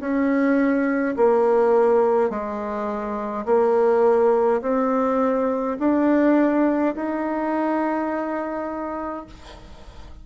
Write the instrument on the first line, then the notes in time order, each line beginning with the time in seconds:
bassoon
0.00 C#4
1.16 A#3
2.30 G#3
3.46 A#3
4.62 C4
5.79 D4
6.95 D#4